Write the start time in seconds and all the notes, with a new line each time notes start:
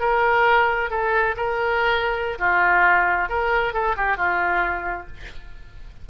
0.00 A#4
0.90 A4
1.37 A#4
2.39 F4
3.29 A#4
3.74 A4
3.97 G4
4.17 F4